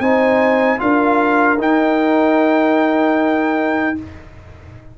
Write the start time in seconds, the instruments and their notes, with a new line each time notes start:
0.00 tuba C4, trombone D#4, horn C5, trumpet G#5
0.78 tuba D4, trombone F4, horn A#4, trumpet F5
1.59 tuba D#4, trombone D#4, trumpet G5